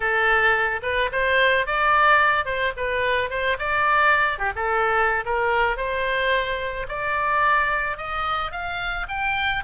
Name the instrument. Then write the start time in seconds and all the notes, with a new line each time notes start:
oboe
0.00 A4
0.82 B4
1.12 C5
1.66 D5
2.45 C5
2.76 B4
3.30 C5
3.59 D5
4.38 G4
4.55 A4
5.25 A#4
5.76 C5
6.88 D5
7.97 D#5
8.51 F5
9.08 G5